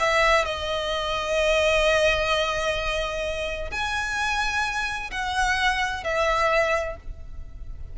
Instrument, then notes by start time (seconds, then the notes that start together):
violin
0.00 E5
0.45 D#5
3.71 G#5
5.11 F#5
6.04 E5